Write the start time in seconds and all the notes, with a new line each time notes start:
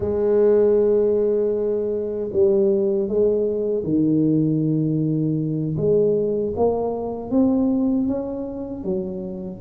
0.00 G#3
2.32 G3
3.08 G#3
3.83 D#3
5.77 G#3
6.56 A#3
7.30 C4
8.07 C#4
8.84 F#3